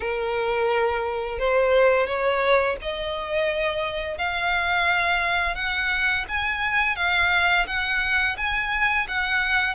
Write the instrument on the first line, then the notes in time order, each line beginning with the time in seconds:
violin
0.00 A#4
1.39 C5
2.06 C#5
2.81 D#5
4.18 F5
5.55 F#5
6.28 G#5
6.96 F5
7.66 F#5
8.37 G#5
9.08 F#5